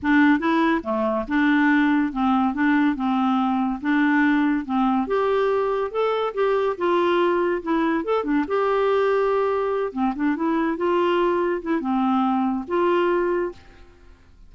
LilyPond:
\new Staff \with { instrumentName = "clarinet" } { \time 4/4 \tempo 4 = 142 d'4 e'4 a4 d'4~ | d'4 c'4 d'4 c'4~ | c'4 d'2 c'4 | g'2 a'4 g'4 |
f'2 e'4 a'8 d'8 | g'2.~ g'8 c'8 | d'8 e'4 f'2 e'8 | c'2 f'2 | }